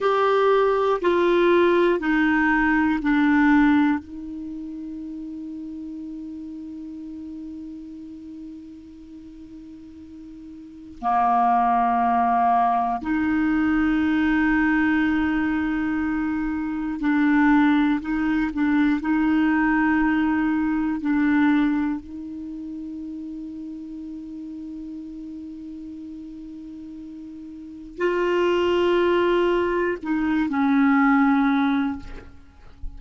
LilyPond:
\new Staff \with { instrumentName = "clarinet" } { \time 4/4 \tempo 4 = 60 g'4 f'4 dis'4 d'4 | dis'1~ | dis'2. ais4~ | ais4 dis'2.~ |
dis'4 d'4 dis'8 d'8 dis'4~ | dis'4 d'4 dis'2~ | dis'1 | f'2 dis'8 cis'4. | }